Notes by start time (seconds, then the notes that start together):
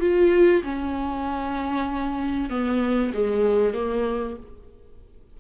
0.00 F4
0.63 C#4
2.50 B3
3.14 G#3
3.74 A#3